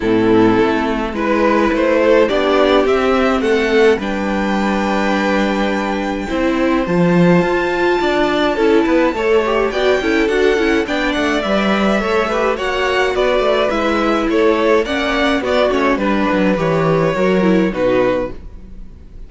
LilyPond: <<
  \new Staff \with { instrumentName = "violin" } { \time 4/4 \tempo 4 = 105 a'2 b'4 c''4 | d''4 e''4 fis''4 g''4~ | g''1 | a''1~ |
a''4 g''4 fis''4 g''8 fis''8 | e''2 fis''4 d''4 | e''4 cis''4 fis''4 d''8 cis''8 | b'4 cis''2 b'4 | }
  \new Staff \with { instrumentName = "violin" } { \time 4/4 e'2 b'4. a'8 | g'2 a'4 b'4~ | b'2. c''4~ | c''2 d''4 a'8 b'8 |
cis''4 d''8 a'4. d''4~ | d''4 cis''8 b'8 cis''4 b'4~ | b'4 a'4 d''4 fis'4 | b'2 ais'4 fis'4 | }
  \new Staff \with { instrumentName = "viola" } { \time 4/4 c'2 e'2 | d'4 c'2 d'4~ | d'2. e'4 | f'2. e'4 |
a'8 g'8 fis'8 e'8 fis'8 e'8 d'4 | b'4 a'8 g'8 fis'2 | e'2 cis'4 b8 cis'8 | d'4 g'4 fis'8 e'8 dis'4 | }
  \new Staff \with { instrumentName = "cello" } { \time 4/4 a,4 a4 gis4 a4 | b4 c'4 a4 g4~ | g2. c'4 | f4 f'4 d'4 cis'8 b8 |
a4 b8 cis'8 d'8 cis'8 b8 a8 | g4 a4 ais4 b8 a8 | gis4 a4 ais4 b8 a8 | g8 fis8 e4 fis4 b,4 | }
>>